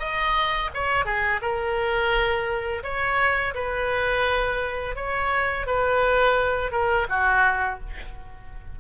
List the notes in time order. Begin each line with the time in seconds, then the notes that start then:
0.00 D#5
0.75 C#5
1.06 G#4
1.42 A#4
2.84 C#5
3.55 B4
4.96 C#5
5.67 B4
6.72 A#4
7.10 F#4